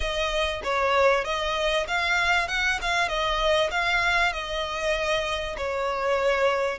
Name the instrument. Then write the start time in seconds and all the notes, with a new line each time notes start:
violin
0.00 D#5
0.63 C#5
1.24 D#5
1.87 F5
2.48 F#5
2.81 F5
3.08 D#5
3.70 F5
4.32 D#5
5.57 C#5